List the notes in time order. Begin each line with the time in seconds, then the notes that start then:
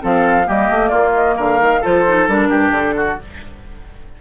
0.00 F3 C4 A4 F5
0.45 G3 A#3 G4 D#5
0.70 A3
0.88 A#3 F4 D5
1.15 D#5
1.37 D3 A#4 F5
1.60 D#3
1.81 F3 F4 A4 C5
2.06 D#4
2.28 G3 D4 A#4
2.49 G2 G4
2.72 D3 A4
2.97 F#4